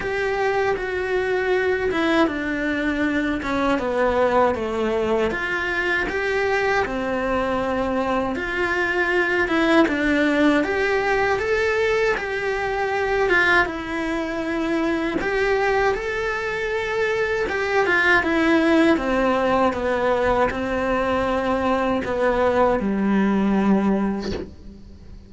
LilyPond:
\new Staff \with { instrumentName = "cello" } { \time 4/4 \tempo 4 = 79 g'4 fis'4. e'8 d'4~ | d'8 cis'8 b4 a4 f'4 | g'4 c'2 f'4~ | f'8 e'8 d'4 g'4 a'4 |
g'4. f'8 e'2 | g'4 a'2 g'8 f'8 | e'4 c'4 b4 c'4~ | c'4 b4 g2 | }